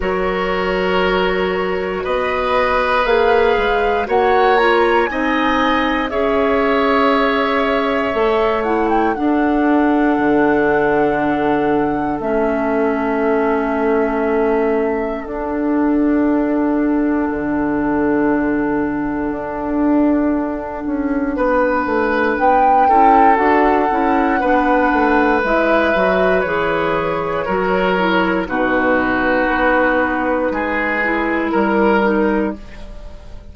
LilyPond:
<<
  \new Staff \with { instrumentName = "flute" } { \time 4/4 \tempo 4 = 59 cis''2 dis''4 f''4 | fis''8 ais''8 gis''4 e''2~ | e''8 fis''16 g''16 fis''2. | e''2. fis''4~ |
fis''1~ | fis''2 g''4 fis''4~ | fis''4 e''4 cis''2 | b'2. ais'4 | }
  \new Staff \with { instrumentName = "oboe" } { \time 4/4 ais'2 b'2 | cis''4 dis''4 cis''2~ | cis''4 a'2.~ | a'1~ |
a'1~ | a'4 b'4. a'4. | b'2. ais'4 | fis'2 gis'4 ais'4 | }
  \new Staff \with { instrumentName = "clarinet" } { \time 4/4 fis'2. gis'4 | fis'8 f'8 dis'4 gis'2 | a'8 e'8 d'2. | cis'2. d'4~ |
d'1~ | d'2~ d'8 e'8 fis'8 e'8 | d'4 e'8 fis'8 gis'4 fis'8 e'8 | dis'2~ dis'8 e'4 dis'8 | }
  \new Staff \with { instrumentName = "bassoon" } { \time 4/4 fis2 b4 ais8 gis8 | ais4 c'4 cis'2 | a4 d'4 d2 | a2. d'4~ |
d'4 d2 d'4~ | d'8 cis'8 b8 a8 b8 cis'8 d'8 cis'8 | b8 a8 gis8 fis8 e4 fis4 | b,4 b4 gis4 g4 | }
>>